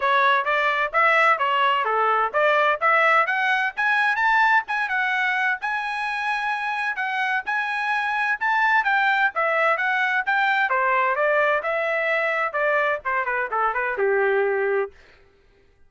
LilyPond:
\new Staff \with { instrumentName = "trumpet" } { \time 4/4 \tempo 4 = 129 cis''4 d''4 e''4 cis''4 | a'4 d''4 e''4 fis''4 | gis''4 a''4 gis''8 fis''4. | gis''2. fis''4 |
gis''2 a''4 g''4 | e''4 fis''4 g''4 c''4 | d''4 e''2 d''4 | c''8 b'8 a'8 b'8 g'2 | }